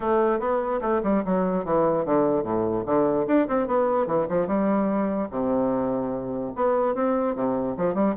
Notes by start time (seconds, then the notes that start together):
0.00 A3
0.39 B3
0.81 A3
1.03 G3
1.25 F#3
1.65 E3
2.05 D3
2.43 A2
2.85 D3
3.27 D4
3.48 C4
3.67 B3
4.06 E3
4.28 F3
4.47 G3
5.30 C3
6.55 B3
6.94 C4
7.35 C3
7.77 F3
7.94 G3